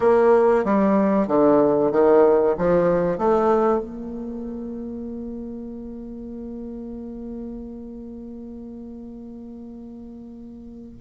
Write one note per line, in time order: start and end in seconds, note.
0.00 0.64 A#3
0.64 1.27 G3
1.27 1.91 D3
1.91 2.55 D#3
2.58 3.17 F3
3.17 3.79 A3
3.79 10.97 A#3